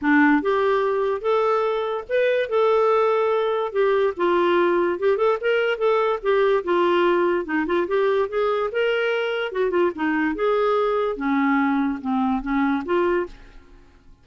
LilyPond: \new Staff \with { instrumentName = "clarinet" } { \time 4/4 \tempo 4 = 145 d'4 g'2 a'4~ | a'4 b'4 a'2~ | a'4 g'4 f'2 | g'8 a'8 ais'4 a'4 g'4 |
f'2 dis'8 f'8 g'4 | gis'4 ais'2 fis'8 f'8 | dis'4 gis'2 cis'4~ | cis'4 c'4 cis'4 f'4 | }